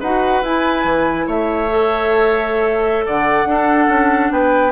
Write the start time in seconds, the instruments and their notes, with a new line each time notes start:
0.00 bassoon D#4, clarinet F#4, oboe B4, flute F#5
0.42 bassoon E4, clarinet E4, flute G#5
0.84 bassoon E3
1.27 bassoon A3, oboe C#5, flute E5
1.69 clarinet A4
3.06 bassoon D3, oboe D5, flute F#5
3.45 bassoon D4, clarinet D4, oboe A4
3.89 bassoon C#4
4.32 bassoon B3, oboe B4, flute G5